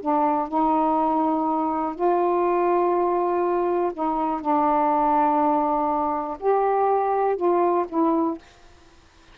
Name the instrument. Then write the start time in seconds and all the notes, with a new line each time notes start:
saxophone
0.00 D4
0.48 D#4
1.95 F4
3.93 D#4
4.41 D4
6.39 G4
7.36 F4
7.89 E4